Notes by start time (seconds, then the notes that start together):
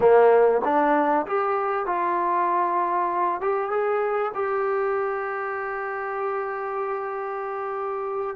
0.00 A#3
0.64 D4
1.26 G4
1.86 F4
3.40 G4
3.70 G#4
4.34 G4